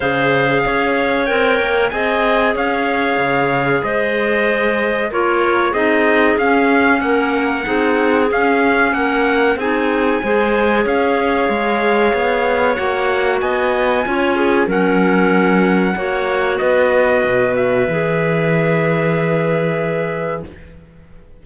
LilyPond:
<<
  \new Staff \with { instrumentName = "trumpet" } { \time 4/4 \tempo 4 = 94 f''2 g''4 gis''4 | f''2 dis''2 | cis''4 dis''4 f''4 fis''4~ | fis''4 f''4 fis''4 gis''4~ |
gis''4 f''2. | fis''4 gis''2 fis''4~ | fis''2 dis''4. e''8~ | e''1 | }
  \new Staff \with { instrumentName = "clarinet" } { \time 4/4 c''4 cis''2 dis''4 | cis''2 c''2 | ais'4 gis'2 ais'4 | gis'2 ais'4 gis'4 |
c''4 cis''2.~ | cis''4 dis''4 cis''8 gis'8 ais'4~ | ais'4 cis''4 b'2~ | b'1 | }
  \new Staff \with { instrumentName = "clarinet" } { \time 4/4 gis'2 ais'4 gis'4~ | gis'1 | f'4 dis'4 cis'2 | dis'4 cis'2 dis'4 |
gis'1 | fis'2 f'4 cis'4~ | cis'4 fis'2. | gis'1 | }
  \new Staff \with { instrumentName = "cello" } { \time 4/4 cis4 cis'4 c'8 ais8 c'4 | cis'4 cis4 gis2 | ais4 c'4 cis'4 ais4 | c'4 cis'4 ais4 c'4 |
gis4 cis'4 gis4 b4 | ais4 b4 cis'4 fis4~ | fis4 ais4 b4 b,4 | e1 | }
>>